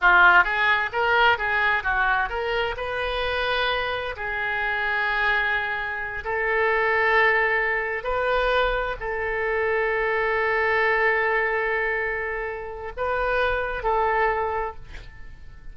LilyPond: \new Staff \with { instrumentName = "oboe" } { \time 4/4 \tempo 4 = 130 f'4 gis'4 ais'4 gis'4 | fis'4 ais'4 b'2~ | b'4 gis'2.~ | gis'4. a'2~ a'8~ |
a'4. b'2 a'8~ | a'1~ | a'1 | b'2 a'2 | }